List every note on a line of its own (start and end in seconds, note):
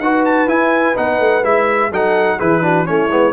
0.00 0.47 D#4
0.00 0.48 F#4
0.00 1.92 B4
0.00 0.24 F#5
0.25 0.49 A5
0.47 0.95 E4
0.47 0.96 E4
0.47 0.97 G#5
0.96 1.20 B3
0.96 1.44 D#4
0.96 1.44 F#5
1.20 1.44 A3
1.44 1.91 G#3
1.44 1.92 E4
1.44 1.92 E5
1.91 2.39 F#3
1.91 2.40 D#4
1.91 2.38 A4
1.91 2.40 F#5
2.38 2.89 E3
2.38 2.63 E4
2.38 2.62 G#4
2.38 2.86 B4
2.63 2.86 D4
2.63 2.87 F#4
2.86 3.09 A3
2.86 3.10 C#4
2.86 3.33 E4
2.86 3.33 C#5
3.09 3.33 G#3
3.09 3.33 B3